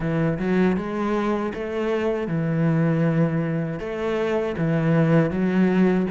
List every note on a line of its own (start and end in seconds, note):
0.00 0.38 E3
0.38 0.76 F#3
0.77 1.53 G#3
1.54 2.28 A3
2.28 3.79 E3
3.79 4.55 A3
4.57 5.30 E3
5.30 6.06 F#3